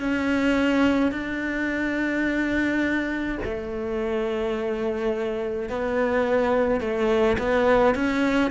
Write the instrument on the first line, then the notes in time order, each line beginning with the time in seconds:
cello
0.00 C#4
1.12 D4
3.44 A3
5.69 B3
6.81 A3
7.38 B3
7.95 C#4